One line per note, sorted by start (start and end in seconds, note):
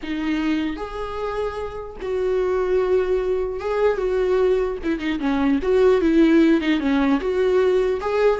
0.03 0.76 D#4
0.76 1.96 G#4
2.01 3.59 F#4
3.59 3.97 G#4
3.97 4.77 F#4
4.83 4.99 E4
4.99 5.19 D#4
5.19 5.59 C#4
5.62 6.01 F#4
6.01 6.60 E4
6.60 6.80 D#4
6.80 7.20 C#4
7.20 8.00 F#4
8.00 8.40 G#4